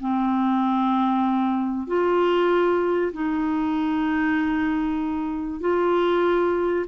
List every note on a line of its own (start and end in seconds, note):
0.00 1.87 C4
1.87 3.12 F4
3.12 5.60 D#4
5.60 6.85 F4